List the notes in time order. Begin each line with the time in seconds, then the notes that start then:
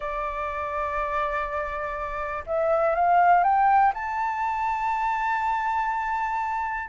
0.00 D5
2.46 E5
2.95 F5
3.43 G5
3.93 A5